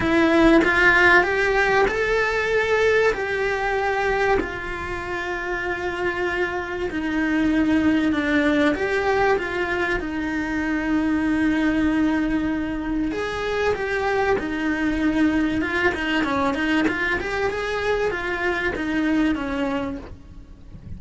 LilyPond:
\new Staff \with { instrumentName = "cello" } { \time 4/4 \tempo 4 = 96 e'4 f'4 g'4 a'4~ | a'4 g'2 f'4~ | f'2. dis'4~ | dis'4 d'4 g'4 f'4 |
dis'1~ | dis'4 gis'4 g'4 dis'4~ | dis'4 f'8 dis'8 cis'8 dis'8 f'8 g'8 | gis'4 f'4 dis'4 cis'4 | }